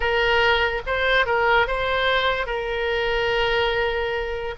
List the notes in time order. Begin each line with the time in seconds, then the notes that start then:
0.00 A#4
0.86 C5
1.25 A#4
1.67 C5
2.46 A#4